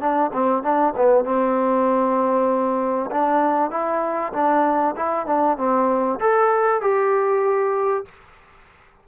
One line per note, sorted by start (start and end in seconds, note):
0.00 0.31 D4
0.33 0.63 C4
0.63 0.94 D4
0.96 1.24 B3
1.24 3.10 C4
3.11 3.70 D4
3.70 4.32 E4
4.33 4.95 D4
4.96 5.26 E4
5.26 5.57 D4
5.57 6.19 C4
6.20 6.81 A4
6.81 8.05 G4